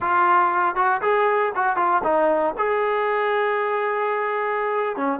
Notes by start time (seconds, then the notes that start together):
0.00 F4
0.75 F#4
1.01 G#4
1.55 F#4
1.76 F4
2.03 D#4
2.57 G#4
4.96 C#4